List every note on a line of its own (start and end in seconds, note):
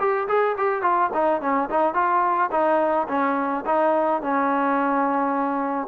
0.00 0.28 G4
0.29 0.57 G#4
0.58 0.83 G4
0.83 1.11 F4
1.14 1.42 D#4
1.42 1.70 C#4
1.71 1.94 D#4
1.94 2.50 F4
2.52 3.08 D#4
3.08 3.64 C#4
3.66 4.22 D#4
4.22 5.88 C#4